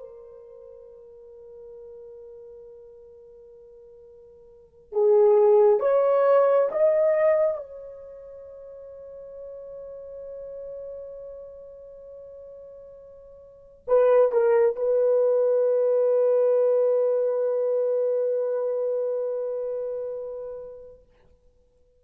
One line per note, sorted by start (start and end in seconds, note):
0.00 4.93 A#4
4.93 5.80 G#4
5.80 6.70 C#5
6.72 7.58 D#5
7.58 13.84 C#5
13.87 14.32 B4
14.32 14.76 A#4
14.76 21.03 B4